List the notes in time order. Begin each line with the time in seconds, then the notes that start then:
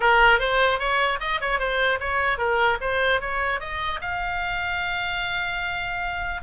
0.00 A#4
0.39 C5
0.79 C#5
1.20 D#5
1.41 C#5
1.59 C5
2.00 C#5
2.37 A#4
2.80 C5
3.20 C#5
3.60 D#5
4.01 F5